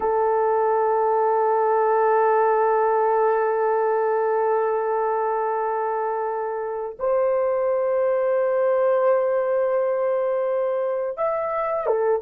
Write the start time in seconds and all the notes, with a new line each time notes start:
0.00 A4
6.99 C5
11.17 E5
11.86 A4